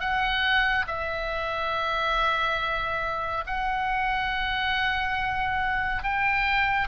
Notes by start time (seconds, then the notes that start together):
0.00 F#5
0.87 E5
3.46 F#5
6.03 G5